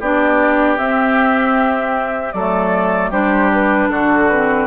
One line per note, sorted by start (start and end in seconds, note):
0.00 0.78 B3
0.00 0.77 D4
0.00 2.34 G4
0.00 0.77 D5
0.77 2.33 C4
0.77 2.34 C4
0.77 2.32 E5
2.32 3.11 F#3
2.32 3.12 A3
2.32 3.10 A4
2.32 3.10 D5
3.10 3.89 G3
3.10 4.29 D4
3.10 3.88 G4
3.10 3.50 C5
3.52 3.90 B4
3.90 4.66 D3
3.90 4.66 F#4
3.90 4.29 A4
4.29 4.66 C4
4.29 4.66 B4